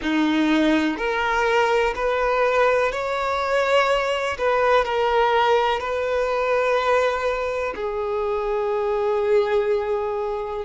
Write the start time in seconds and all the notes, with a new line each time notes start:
0.02 D#4
0.97 A#4
1.95 B4
2.92 C#5
4.38 B4
4.84 A#4
5.80 B4
7.75 G#4